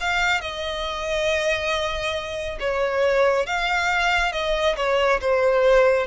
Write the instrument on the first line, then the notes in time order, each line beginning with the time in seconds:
violin
0.00 F5
0.41 D#5
2.60 C#5
3.46 F5
4.32 D#5
4.77 C#5
5.21 C5